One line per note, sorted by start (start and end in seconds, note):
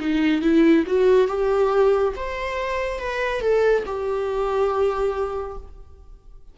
0.00 0.42 D#4
0.42 0.85 E4
0.86 1.27 F#4
1.27 2.13 G4
2.16 2.99 C5
2.99 3.41 B4
3.41 3.83 A4
3.86 5.57 G4